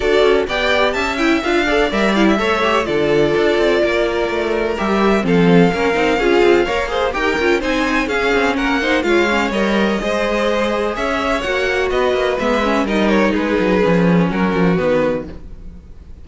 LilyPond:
<<
  \new Staff \with { instrumentName = "violin" } { \time 4/4 \tempo 4 = 126 d''4 g''4 a''8 g''8 f''4 | e''8 f''16 e''4~ e''16 d''2~ | d''2 e''4 f''4~ | f''2. g''4 |
gis''4 f''4 fis''4 f''4 | dis''2. e''4 | fis''4 dis''4 e''4 dis''8 cis''8 | b'2 ais'4 b'4 | }
  \new Staff \with { instrumentName = "violin" } { \time 4/4 a'4 d''4 e''4. d''8~ | d''4 cis''4 a'2 | ais'2. a'4 | ais'4 gis'4 cis''8 c''8 ais'4 |
c''4 gis'4 ais'8 c''8 cis''4~ | cis''4 c''2 cis''4~ | cis''4 b'2 ais'4 | gis'2 fis'2 | }
  \new Staff \with { instrumentName = "viola" } { \time 4/4 fis'4 g'4. e'8 f'8 a'8 | ais'8 e'8 a'8 g'8 f'2~ | f'2 g'4 c'4 | cis'8 dis'8 f'4 ais'8 gis'8 g'8 f'8 |
dis'4 cis'4. dis'8 f'8 cis'8 | ais'4 gis'2. | fis'2 b8 cis'8 dis'4~ | dis'4 cis'2 b4 | }
  \new Staff \with { instrumentName = "cello" } { \time 4/4 d'8 cis'8 b4 cis'4 d'4 | g4 a4 d4 d'8 c'8 | ais4 a4 g4 f4 | ais8 c'8 cis'8 c'8 ais4 dis'8 cis'8 |
c'4 cis'8 c'8 ais4 gis4 | g4 gis2 cis'4 | ais4 b8 ais8 gis4 g4 | gis8 fis8 f4 fis8 f8 dis4 | }
>>